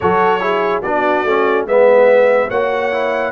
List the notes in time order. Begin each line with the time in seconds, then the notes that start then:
0.00 F#3 F#4 A4 C#5
0.40 E4 G#4
0.82 B3 D4 F#4 D5
1.23 A3 C#4
1.65 G#3 B3 B4 E5
2.48 A#3 F#4 C#5 F#5
2.92 E4